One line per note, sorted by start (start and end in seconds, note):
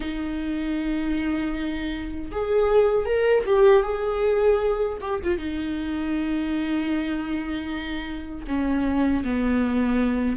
0.00 2.31 D#4
2.31 3.05 G#4
3.05 3.44 A#4
3.46 3.82 G4
3.82 4.98 G#4
5.00 5.20 G4
5.23 5.37 F4
5.37 8.45 D#4
8.47 9.23 C#4
9.23 10.36 B3